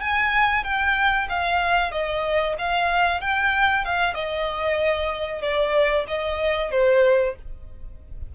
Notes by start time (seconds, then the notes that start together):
0.00 G#5
0.64 G5
1.29 F5
1.91 D#5
2.58 F5
3.21 G5
3.85 F5
4.14 D#5
5.41 D5
6.07 D#5
6.71 C5